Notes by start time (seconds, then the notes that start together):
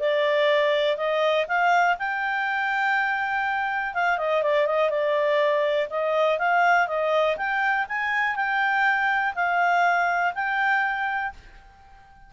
0.00 D5
0.97 D#5
1.48 F5
1.99 G5
3.94 F5
4.18 D#5
4.42 D5
4.66 D#5
4.90 D5
5.90 D#5
6.38 F5
6.87 D#5
7.37 G5
7.89 G#5
8.36 G5
9.35 F5
10.35 G5